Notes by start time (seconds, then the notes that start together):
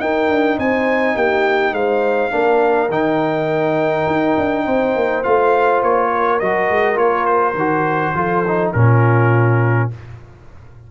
0.00 D#4 A#4 G5
0.29 D4
0.57 C4 C5 G#5
1.15 A#3 G4 G5
1.73 G#3 C5 F5
2.31 A#3 D4 A#4
2.90 D#3 D#4 G5
4.07 D#4
4.38 D4
4.65 C4 C5
4.96 A#3
5.24 A3 F4 F5
5.83 A#3 C#5
6.12 A#4
6.40 F#3 F#4 D#5
6.70 G#3
6.95 A#3 F4 C#5
7.26 C5
7.55 D#3 F#4
8.14 F3 F4 A4
8.48 D#4
8.73 A#2 C#4 F4 A#4